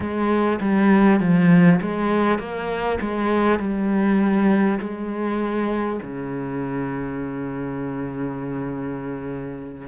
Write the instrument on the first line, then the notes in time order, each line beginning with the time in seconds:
cello
0.00 G#3
0.60 G3
1.20 F3
1.81 G#3
2.38 A#3
3.00 G#3
3.59 G3
4.79 G#3
6.02 C#3